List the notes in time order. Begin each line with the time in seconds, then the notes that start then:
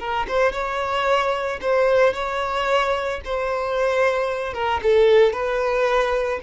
0.00 A#4
0.28 C5
0.53 C#5
1.61 C5
2.14 C#5
3.25 C5
4.54 A#4
4.83 A4
5.33 B4